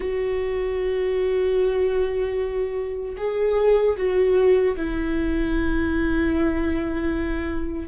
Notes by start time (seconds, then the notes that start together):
0.00 F#4
3.17 G#4
3.96 F#4
4.76 E4